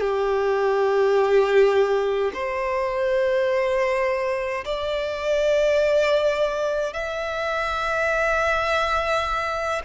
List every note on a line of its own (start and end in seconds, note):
0.00 2.31 G4
2.33 4.64 C5
4.65 6.93 D5
6.93 9.82 E5